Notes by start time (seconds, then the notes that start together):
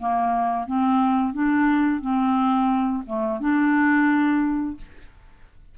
0.00 A#3
0.67 C4
1.34 D4
2.01 C4
3.07 A3
3.41 D4